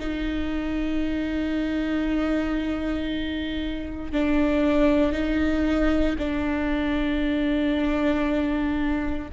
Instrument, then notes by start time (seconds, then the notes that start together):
viola
0.00 D#4
4.12 D4
5.13 D#4
6.18 D4